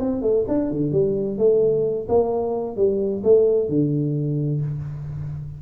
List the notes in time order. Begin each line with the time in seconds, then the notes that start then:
0.00 C4
0.22 A3
0.48 D4
0.71 D3
0.92 G3
1.38 A3
2.09 A#3
2.77 G3
3.24 A3
3.69 D3